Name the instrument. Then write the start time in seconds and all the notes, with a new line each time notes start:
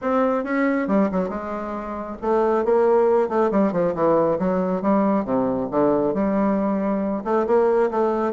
bassoon
0.01 C4
0.44 C#4
0.87 G3
1.11 F#3
1.29 G#3
2.21 A3
2.65 A#3
3.28 A3
3.51 G3
3.72 F3
3.94 E3
4.38 F#3
4.82 G3
5.24 C3
5.71 D3
6.14 G3
7.24 A3
7.46 A#3
7.90 A3